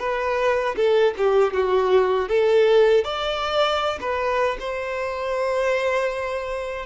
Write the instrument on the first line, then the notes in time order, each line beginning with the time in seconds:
violin
0.00 B4
0.77 A4
1.18 G4
1.54 F#4
2.29 A4
3.04 D5
4.01 B4
4.60 C5